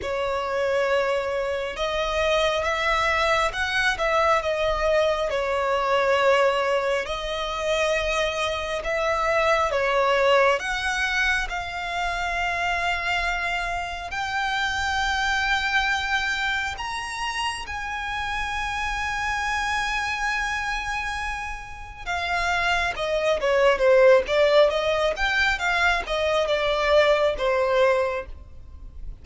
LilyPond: \new Staff \with { instrumentName = "violin" } { \time 4/4 \tempo 4 = 68 cis''2 dis''4 e''4 | fis''8 e''8 dis''4 cis''2 | dis''2 e''4 cis''4 | fis''4 f''2. |
g''2. ais''4 | gis''1~ | gis''4 f''4 dis''8 cis''8 c''8 d''8 | dis''8 g''8 f''8 dis''8 d''4 c''4 | }